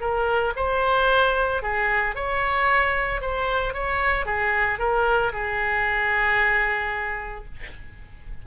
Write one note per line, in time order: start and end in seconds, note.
0.00 0.53 A#4
0.56 1.62 C5
1.62 2.15 G#4
2.15 3.21 C#5
3.21 3.74 C5
3.74 4.26 C#5
4.26 4.79 G#4
4.79 5.32 A#4
5.33 7.45 G#4